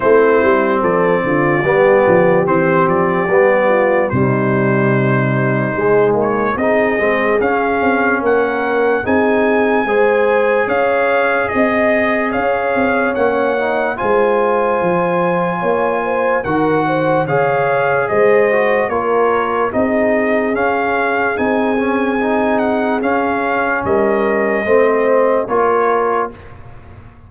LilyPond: <<
  \new Staff \with { instrumentName = "trumpet" } { \time 4/4 \tempo 4 = 73 c''4 d''2 c''8 d''8~ | d''4 c''2~ c''8 cis''8 | dis''4 f''4 fis''4 gis''4~ | gis''4 f''4 dis''4 f''4 |
fis''4 gis''2. | fis''4 f''4 dis''4 cis''4 | dis''4 f''4 gis''4. fis''8 | f''4 dis''2 cis''4 | }
  \new Staff \with { instrumentName = "horn" } { \time 4/4 e'4 a'8 f'8 g'2~ | g'8 f'8 dis'2. | gis'2 ais'4 gis'4 | c''4 cis''4 dis''4 cis''4~ |
cis''4 c''2 cis''8 c''8 | ais'8 c''8 cis''4 c''4 ais'4 | gis'1~ | gis'4 ais'4 c''4 ais'4 | }
  \new Staff \with { instrumentName = "trombone" } { \time 4/4 c'2 b4 c'4 | b4 g2 gis4 | dis'8 c'8 cis'2 dis'4 | gis'1 |
cis'8 dis'8 f'2. | fis'4 gis'4. fis'8 f'4 | dis'4 cis'4 dis'8 cis'8 dis'4 | cis'2 c'4 f'4 | }
  \new Staff \with { instrumentName = "tuba" } { \time 4/4 a8 g8 f8 d8 g8 f8 e8 f8 | g4 c2 gis8 ais8 | c'8 gis8 cis'8 c'8 ais4 c'4 | gis4 cis'4 c'4 cis'8 c'8 |
ais4 gis4 f4 ais4 | dis4 cis4 gis4 ais4 | c'4 cis'4 c'2 | cis'4 g4 a4 ais4 | }
>>